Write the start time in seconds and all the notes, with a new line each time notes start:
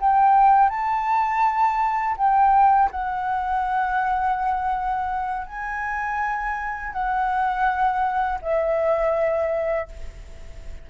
0.00 G5
0.70 A5
2.17 G5
2.91 F#5
5.47 G#5
6.93 F#5
8.42 E5